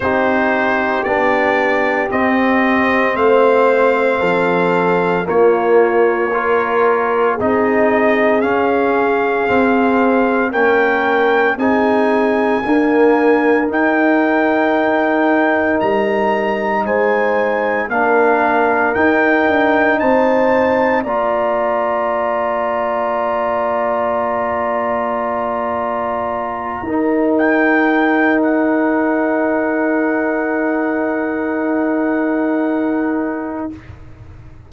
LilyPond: <<
  \new Staff \with { instrumentName = "trumpet" } { \time 4/4 \tempo 4 = 57 c''4 d''4 dis''4 f''4~ | f''4 cis''2 dis''4 | f''2 g''4 gis''4~ | gis''4 g''2 ais''4 |
gis''4 f''4 g''4 a''4 | ais''1~ | ais''2 g''4 fis''4~ | fis''1 | }
  \new Staff \with { instrumentName = "horn" } { \time 4/4 g'2. c''4 | a'4 f'4 ais'4 gis'4~ | gis'2 ais'4 gis'4 | ais'1 |
c''4 ais'2 c''4 | d''1~ | d''4. ais'2~ ais'8~ | ais'1 | }
  \new Staff \with { instrumentName = "trombone" } { \time 4/4 dis'4 d'4 c'2~ | c'4 ais4 f'4 dis'4 | cis'4 c'4 cis'4 dis'4 | ais4 dis'2.~ |
dis'4 d'4 dis'2 | f'1~ | f'4. dis'2~ dis'8~ | dis'1 | }
  \new Staff \with { instrumentName = "tuba" } { \time 4/4 c'4 b4 c'4 a4 | f4 ais2 c'4 | cis'4 c'4 ais4 c'4 | d'4 dis'2 g4 |
gis4 ais4 dis'8 d'8 c'4 | ais1~ | ais4. dis'2~ dis'8~ | dis'1 | }
>>